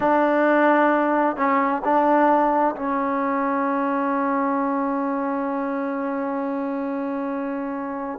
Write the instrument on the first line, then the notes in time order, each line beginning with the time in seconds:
trombone
0.00 D4
1.36 C#4
1.84 D4
2.75 C#4